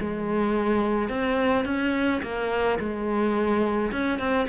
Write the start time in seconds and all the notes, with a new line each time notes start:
0.00 G#3
1.09 C4
1.65 C#4
2.23 A#3
2.79 G#3
3.92 C#4
4.19 C4